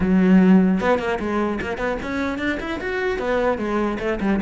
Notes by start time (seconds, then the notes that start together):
0.00 F#3
0.80 B3
0.99 A#3
1.19 G#3
1.61 A#3
1.77 B3
2.02 C#4
2.38 D4
2.59 E4
2.80 F#4
3.19 B3
3.58 G#3
3.99 A3
4.20 G3